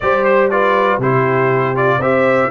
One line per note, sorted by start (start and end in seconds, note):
0.00 0.98 G3
0.00 0.51 G4
0.00 0.51 C5
0.00 0.24 D5
0.24 0.49 C5
0.50 1.01 F4
0.50 1.01 B4
0.50 1.00 D5
0.98 1.98 C3
0.98 1.75 E4
0.98 1.99 G4
0.98 1.76 C5
1.75 2.00 F4
1.75 2.01 D5
1.98 2.48 C4
1.98 2.51 G4
1.98 2.49 C5
1.98 2.51 E5